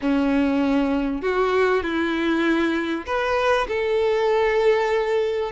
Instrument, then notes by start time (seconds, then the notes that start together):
violin
0.01 C#4
1.21 F#4
1.83 E4
3.06 B4
3.68 A4